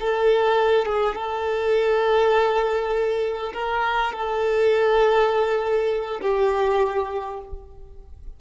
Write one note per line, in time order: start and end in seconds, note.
0.00 0.86 A4
0.86 1.15 G#4
1.15 3.53 A4
3.53 4.13 A#4
4.13 6.21 A4
6.21 7.40 G4